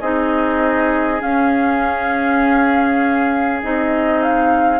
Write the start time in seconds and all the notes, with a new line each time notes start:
0.00 C4 D#4 G#4 D#5
1.19 C#4 F5
3.62 C4 D#4 D#5
4.22 F5